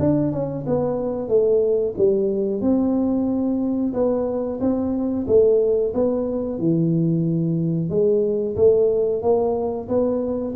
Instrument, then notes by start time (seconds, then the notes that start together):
tuba
0.00 D4
0.33 C#4
0.67 B3
1.29 A3
1.98 G3
2.62 C4
3.94 B3
4.61 C4
5.28 A3
5.95 B3
6.59 E3
7.90 G#3
8.57 A3
9.23 A#3
9.89 B3